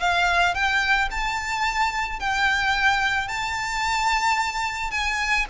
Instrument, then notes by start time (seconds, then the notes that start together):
violin
0.00 F5
0.54 G5
1.11 A5
2.19 G5
3.28 A5
4.91 G#5